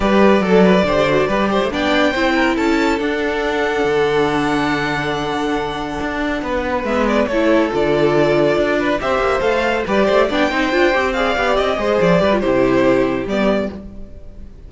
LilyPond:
<<
  \new Staff \with { instrumentName = "violin" } { \time 4/4 \tempo 4 = 140 d''1 | g''2 a''4 fis''4~ | fis''1~ | fis''1 |
e''8 d''8 cis''4 d''2~ | d''4 e''4 f''4 d''4 | g''2 f''4 dis''4 | d''4 c''2 d''4 | }
  \new Staff \with { instrumentName = "violin" } { \time 4/4 b'4 a'8 b'8 c''4 b'8 c''8 | d''4 c''8 ais'8 a'2~ | a'1~ | a'2. b'4~ |
b'4 a'2.~ | a'8 b'8 c''2 b'8 c''8 | d''8 c''4. d''4. c''8~ | c''8 b'8 g'2. | }
  \new Staff \with { instrumentName = "viola" } { \time 4/4 g'4 a'4 g'8 fis'8 g'4 | d'4 e'2 d'4~ | d'1~ | d'1 |
b4 e'4 f'2~ | f'4 g'4 a'4 g'4 | d'8 dis'8 f'8 g'8 gis'8 g'4 gis'8~ | gis'8 g'16 f'16 e'2 b4 | }
  \new Staff \with { instrumentName = "cello" } { \time 4/4 g4 fis4 d4 g8. a16 | b4 c'4 cis'4 d'4~ | d'4 d2.~ | d2 d'4 b4 |
gis4 a4 d2 | d'4 c'8 ais8 a4 g8 a8 | b8 c'8 d'8 c'4 b8 c'8 gis8 | f8 g8 c2 g4 | }
>>